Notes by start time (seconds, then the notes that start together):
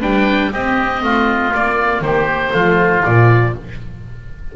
0.00 G3 D4 B4 G5
0.52 C4 G4 D#5
1.02 A3 F4
1.52 A#3 D5
2.01 D#3 G4 C5
2.51 F3 A3 F4
3.04 A#2 F3 D5